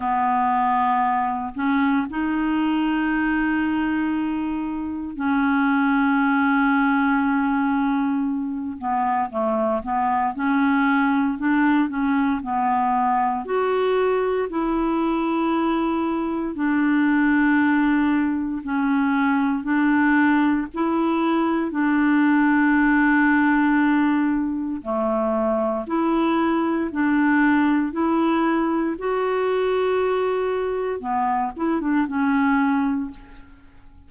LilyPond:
\new Staff \with { instrumentName = "clarinet" } { \time 4/4 \tempo 4 = 58 b4. cis'8 dis'2~ | dis'4 cis'2.~ | cis'8 b8 a8 b8 cis'4 d'8 cis'8 | b4 fis'4 e'2 |
d'2 cis'4 d'4 | e'4 d'2. | a4 e'4 d'4 e'4 | fis'2 b8 e'16 d'16 cis'4 | }